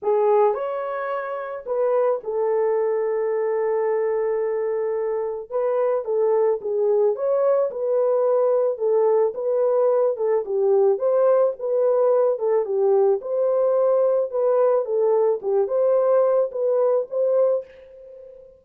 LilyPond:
\new Staff \with { instrumentName = "horn" } { \time 4/4 \tempo 4 = 109 gis'4 cis''2 b'4 | a'1~ | a'2 b'4 a'4 | gis'4 cis''4 b'2 |
a'4 b'4. a'8 g'4 | c''4 b'4. a'8 g'4 | c''2 b'4 a'4 | g'8 c''4. b'4 c''4 | }